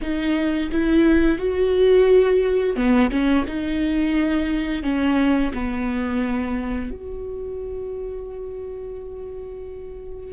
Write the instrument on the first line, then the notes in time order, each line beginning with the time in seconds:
viola
0.01 D#4
0.71 E4
1.38 F#4
2.76 B3
3.10 C#4
3.46 D#4
4.82 C#4
5.53 B3
6.90 F#4